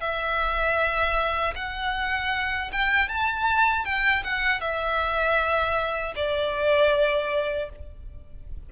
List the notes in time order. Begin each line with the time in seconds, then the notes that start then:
0.00 E5
1.56 F#5
2.72 G5
3.09 A5
3.85 G5
4.24 F#5
4.60 E5
6.16 D5